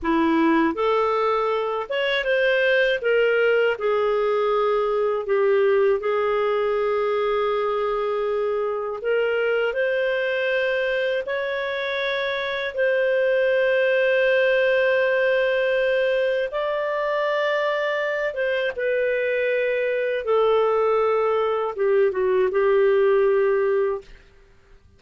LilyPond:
\new Staff \with { instrumentName = "clarinet" } { \time 4/4 \tempo 4 = 80 e'4 a'4. cis''8 c''4 | ais'4 gis'2 g'4 | gis'1 | ais'4 c''2 cis''4~ |
cis''4 c''2.~ | c''2 d''2~ | d''8 c''8 b'2 a'4~ | a'4 g'8 fis'8 g'2 | }